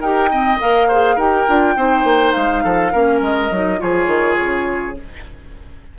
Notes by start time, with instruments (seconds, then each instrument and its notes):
0.00 bassoon D#4, clarinet G4, oboe A#4, flute G5
0.31 clarinet C4, oboe D#5
0.60 bassoon A#3, clarinet A#4, flute F5
0.88 clarinet G#4, oboe C5
1.15 bassoon D#4, clarinet G4, oboe A#4, flute G5
1.47 bassoon D4, clarinet F4
1.76 bassoon C4, clarinet D#4, oboe C5
2.04 bassoon A#3
2.32 bassoon G#3, flute F5
2.64 bassoon F3, oboe A4
2.92 bassoon A#3, clarinet C#4, oboe A#4
3.21 bassoon G#3, flute D#5
3.51 bassoon F#3, clarinet D#4
3.78 bassoon F3, clarinet F4, oboe G#4, flute C#5
4.07 bassoon D#3
4.40 bassoon C#3